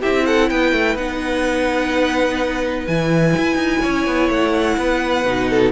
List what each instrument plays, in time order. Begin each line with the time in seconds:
0.00 cello C4, viola E4, violin G4 E5
0.26 violin A4 F#5
0.50 cello B3, violin B4 G5
0.72 cello A3
0.96 cello B3, viola D#4, violin F#5
2.87 cello E3, viola E4, violin G#5
3.37 cello E4
3.55 cello D#4
3.82 cello C#4, violin C#5
4.07 cello B3
4.29 cello A3, violin F#5
4.78 cello B3, violin B4
5.25 cello B2, viola D#4
5.50 violin A4